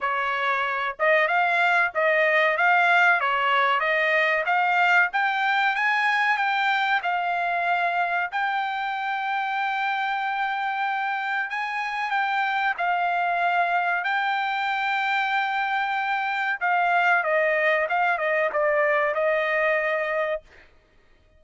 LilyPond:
\new Staff \with { instrumentName = "trumpet" } { \time 4/4 \tempo 4 = 94 cis''4. dis''8 f''4 dis''4 | f''4 cis''4 dis''4 f''4 | g''4 gis''4 g''4 f''4~ | f''4 g''2.~ |
g''2 gis''4 g''4 | f''2 g''2~ | g''2 f''4 dis''4 | f''8 dis''8 d''4 dis''2 | }